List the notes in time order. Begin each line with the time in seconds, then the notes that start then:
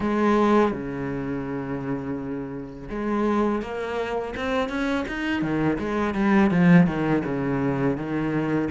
0.00 G#3
0.72 C#3
2.89 G#3
3.61 A#3
4.36 C4
4.69 C#4
5.08 D#4
5.42 D#3
5.79 G#3
6.14 G3
6.51 F3
6.86 D#3
7.25 C#3
7.97 D#3